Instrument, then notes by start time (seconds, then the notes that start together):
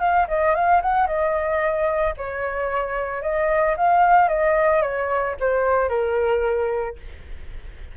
flute
0.00 F5
0.28 D#5
0.55 F5
0.82 F#5
1.07 D#5
2.17 C#5
3.22 D#5
3.77 F5
4.29 D#5
4.82 C#5
5.40 C5
5.89 A#4